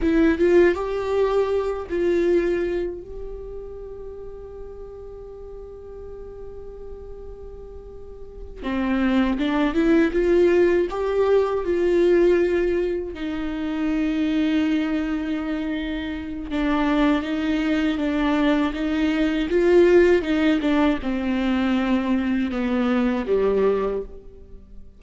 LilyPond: \new Staff \with { instrumentName = "viola" } { \time 4/4 \tempo 4 = 80 e'8 f'8 g'4. f'4. | g'1~ | g'2.~ g'8 c'8~ | c'8 d'8 e'8 f'4 g'4 f'8~ |
f'4. dis'2~ dis'8~ | dis'2 d'4 dis'4 | d'4 dis'4 f'4 dis'8 d'8 | c'2 b4 g4 | }